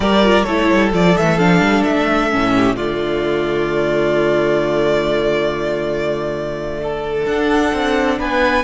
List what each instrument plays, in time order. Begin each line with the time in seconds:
0.00 cello G3, viola G4, violin A#4 D5
0.22 viola F4
0.43 cello A3, viola E4, violin A4 C#5
0.72 cello G3
0.92 cello F3, viola F4, violin D5
1.17 cello E3, viola A3, violin E5
1.38 cello F3, viola D4, violin F5
1.60 cello G3
1.83 cello A3, violin E5
2.30 cello A2, viola C#4
2.55 violin G4
2.76 cello D3, viola A3, violin F4 D5
6.82 violin A4
7.25 cello D4, viola D4, violin F#5
7.73 cello C4
8.18 cello B3, violin B4 G#5